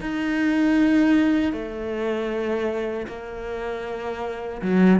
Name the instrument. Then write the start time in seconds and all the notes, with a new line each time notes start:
cello
0.00 D#4
1.52 A3
3.07 A#3
4.62 F#3